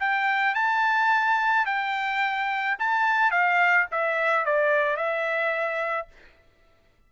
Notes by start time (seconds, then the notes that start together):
0.00 G5
0.55 A5
1.66 G5
2.79 A5
3.32 F5
3.92 E5
4.46 D5
4.97 E5